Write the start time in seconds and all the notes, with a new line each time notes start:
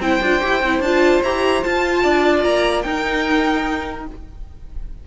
0.00 C4 E4 C5 G5
0.22 D4 F4
0.41 E4 G4
0.63 C4 E4
0.80 D4 F4 A5
1.24 E4 G4 A#5
1.62 F4 A5
2.03 D4 D5
2.44 A#3 A#5
2.82 D#4 A#4 G5